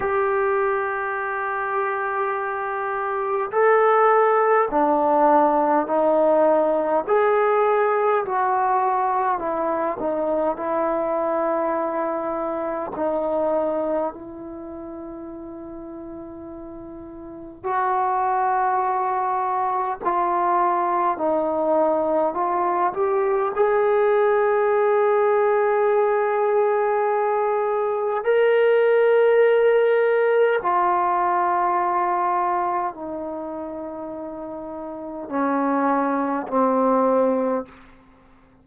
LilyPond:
\new Staff \with { instrumentName = "trombone" } { \time 4/4 \tempo 4 = 51 g'2. a'4 | d'4 dis'4 gis'4 fis'4 | e'8 dis'8 e'2 dis'4 | e'2. fis'4~ |
fis'4 f'4 dis'4 f'8 g'8 | gis'1 | ais'2 f'2 | dis'2 cis'4 c'4 | }